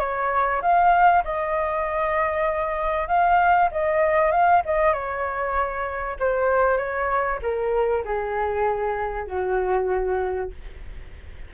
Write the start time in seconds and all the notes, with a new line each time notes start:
0.00 C#5
0.62 F5
1.25 D#5
3.08 F5
3.72 D#5
4.32 F5
4.66 D#5
4.93 C#5
6.20 C5
6.78 C#5
7.43 A#4
8.05 G#4
9.28 F#4